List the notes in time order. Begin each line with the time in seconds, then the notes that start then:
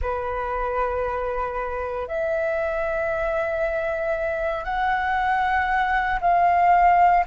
0.01 B4
2.07 E5
4.64 F#5
6.21 F5